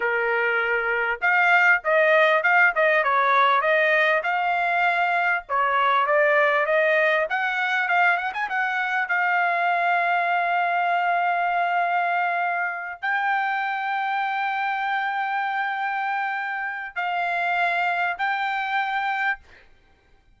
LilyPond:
\new Staff \with { instrumentName = "trumpet" } { \time 4/4 \tempo 4 = 99 ais'2 f''4 dis''4 | f''8 dis''8 cis''4 dis''4 f''4~ | f''4 cis''4 d''4 dis''4 | fis''4 f''8 fis''16 gis''16 fis''4 f''4~ |
f''1~ | f''4. g''2~ g''8~ | g''1 | f''2 g''2 | }